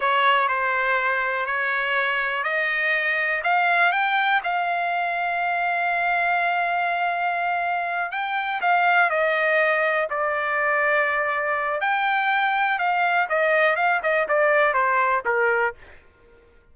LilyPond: \new Staff \with { instrumentName = "trumpet" } { \time 4/4 \tempo 4 = 122 cis''4 c''2 cis''4~ | cis''4 dis''2 f''4 | g''4 f''2.~ | f''1~ |
f''8 g''4 f''4 dis''4.~ | dis''8 d''2.~ d''8 | g''2 f''4 dis''4 | f''8 dis''8 d''4 c''4 ais'4 | }